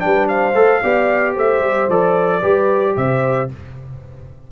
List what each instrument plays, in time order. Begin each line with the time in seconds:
0.00 tuba G3, trombone D4, horn B4, trumpet G5
0.29 horn C5, trumpet F5
0.54 tuba A3, trombone A4
0.82 tuba B3, trombone G4, horn D5
1.34 tuba A3, horn C5, trumpet E5
1.61 tuba G3
1.89 tuba F3, trombone A4, trumpet D5
2.40 tuba G3, trombone G4, horn B4
2.97 tuba C3, horn C5, trumpet E5